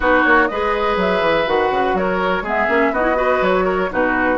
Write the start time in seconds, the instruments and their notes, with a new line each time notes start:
0.00 bassoon B3, clarinet D#4, oboe F#4, flute B4
0.24 bassoon A#3, flute C#5
0.47 bassoon G#3, clarinet G#4, oboe B4, flute D#5
0.96 bassoon F#3, flute E5
1.20 bassoon E3
1.46 bassoon D#3, clarinet F#4, flute F#5
1.70 bassoon C#3
1.93 bassoon F#3, oboe A#4, flute C#5
2.42 bassoon G#3, clarinet B3, oboe G#4
2.48 flute E5
2.68 bassoon A#3, clarinet C#4
2.91 bassoon B3, clarinet D#4, oboe F#4, flute D#5
3.02 clarinet E4
3.15 clarinet F#4, oboe B4
3.41 bassoon F#3, flute C#5
3.64 oboe A#4
3.90 bassoon B2, clarinet D#4, oboe F#4, flute B4